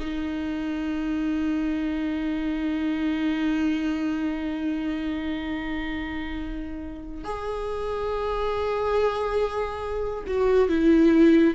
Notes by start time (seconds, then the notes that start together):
0.00 D#4
7.25 G#4
10.27 F#4
10.69 E4